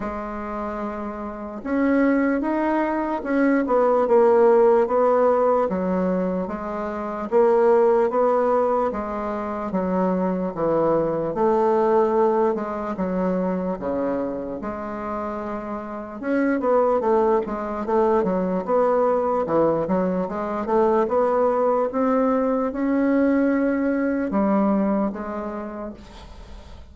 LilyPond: \new Staff \with { instrumentName = "bassoon" } { \time 4/4 \tempo 4 = 74 gis2 cis'4 dis'4 | cis'8 b8 ais4 b4 fis4 | gis4 ais4 b4 gis4 | fis4 e4 a4. gis8 |
fis4 cis4 gis2 | cis'8 b8 a8 gis8 a8 fis8 b4 | e8 fis8 gis8 a8 b4 c'4 | cis'2 g4 gis4 | }